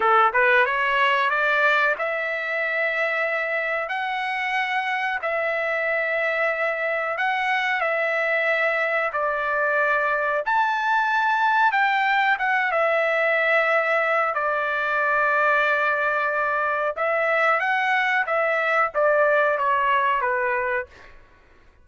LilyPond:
\new Staff \with { instrumentName = "trumpet" } { \time 4/4 \tempo 4 = 92 a'8 b'8 cis''4 d''4 e''4~ | e''2 fis''2 | e''2. fis''4 | e''2 d''2 |
a''2 g''4 fis''8 e''8~ | e''2 d''2~ | d''2 e''4 fis''4 | e''4 d''4 cis''4 b'4 | }